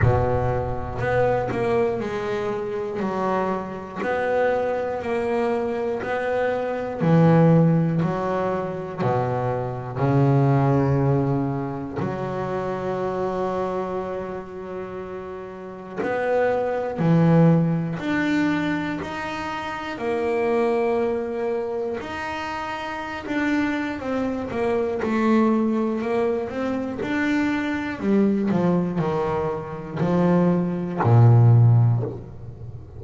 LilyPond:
\new Staff \with { instrumentName = "double bass" } { \time 4/4 \tempo 4 = 60 b,4 b8 ais8 gis4 fis4 | b4 ais4 b4 e4 | fis4 b,4 cis2 | fis1 |
b4 e4 d'4 dis'4 | ais2 dis'4~ dis'16 d'8. | c'8 ais8 a4 ais8 c'8 d'4 | g8 f8 dis4 f4 ais,4 | }